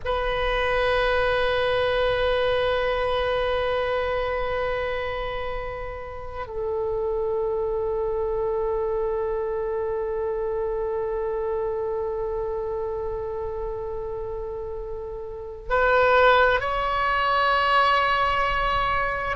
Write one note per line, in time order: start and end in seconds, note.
0.05 6.47 B4
6.47 15.69 A4
15.69 16.60 B4
16.60 19.36 C#5